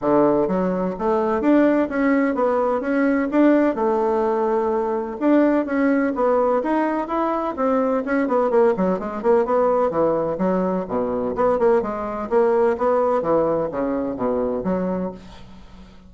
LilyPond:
\new Staff \with { instrumentName = "bassoon" } { \time 4/4 \tempo 4 = 127 d4 fis4 a4 d'4 | cis'4 b4 cis'4 d'4 | a2. d'4 | cis'4 b4 dis'4 e'4 |
c'4 cis'8 b8 ais8 fis8 gis8 ais8 | b4 e4 fis4 b,4 | b8 ais8 gis4 ais4 b4 | e4 cis4 b,4 fis4 | }